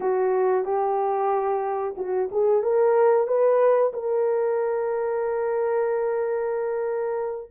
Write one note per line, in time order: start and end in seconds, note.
0.00 0.64 F#4
0.64 1.95 G4
1.97 2.29 F#4
2.32 2.62 G#4
2.62 3.27 A#4
3.27 3.92 B4
3.93 7.50 A#4